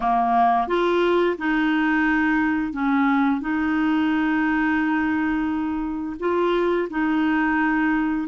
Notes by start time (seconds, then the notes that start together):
0.00 A#3
0.67 F4
1.38 D#4
2.72 C#4
3.40 D#4
6.19 F4
6.90 D#4